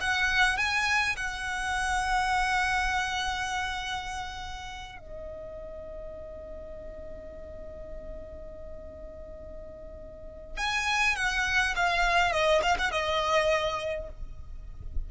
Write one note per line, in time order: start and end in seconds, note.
0.00 0.57 F#5
0.57 1.16 G#5
1.16 4.98 F#5
4.99 10.57 D#5
10.57 11.16 G#5
11.16 11.75 F#5
11.75 12.32 F5
12.32 12.61 D#5
12.62 12.77 F5
12.78 12.91 F#5
12.91 14.09 D#5